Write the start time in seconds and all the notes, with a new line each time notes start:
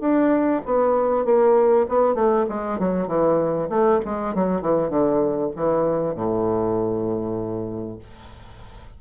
0.00 D4
0.65 B3
1.25 A#3
1.88 B3
2.15 A3
2.49 G#3
2.79 F#3
3.07 E3
3.69 A3
4.05 G#3
4.34 F#3
4.61 E3
4.89 D3
5.56 E3
6.15 A2